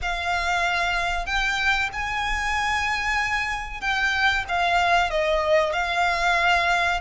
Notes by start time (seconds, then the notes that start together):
0.01 F5
1.26 G5
1.93 G#5
3.80 G5
4.48 F5
5.10 D#5
5.72 F5